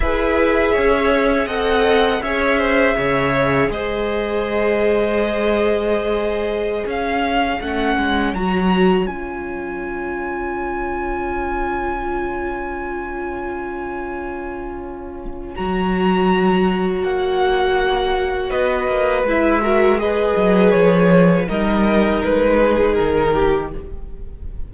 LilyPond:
<<
  \new Staff \with { instrumentName = "violin" } { \time 4/4 \tempo 4 = 81 e''2 fis''4 e''4~ | e''4 dis''2.~ | dis''4~ dis''16 f''4 fis''4 ais''8.~ | ais''16 gis''2.~ gis''8.~ |
gis''1~ | gis''4 ais''2 fis''4~ | fis''4 dis''4 e''4 dis''4 | cis''4 dis''4 b'4 ais'4 | }
  \new Staff \with { instrumentName = "violin" } { \time 4/4 b'4 cis''4 dis''4 cis''8 c''8 | cis''4 c''2.~ | c''4~ c''16 cis''2~ cis''8.~ | cis''1~ |
cis''1~ | cis''1~ | cis''4 b'4. ais'8 b'4~ | b'4 ais'4. gis'4 g'8 | }
  \new Staff \with { instrumentName = "viola" } { \time 4/4 gis'2 a'4 gis'4~ | gis'1~ | gis'2~ gis'16 cis'4 fis'8.~ | fis'16 f'2.~ f'8.~ |
f'1~ | f'4 fis'2.~ | fis'2 e'8 fis'8 gis'4~ | gis'4 dis'2. | }
  \new Staff \with { instrumentName = "cello" } { \time 4/4 e'4 cis'4 c'4 cis'4 | cis4 gis2.~ | gis4~ gis16 cis'4 a8 gis8 fis8.~ | fis16 cis'2.~ cis'8.~ |
cis'1~ | cis'4 fis2 ais4~ | ais4 b8 ais8 gis4. fis8 | f4 g4 gis4 dis4 | }
>>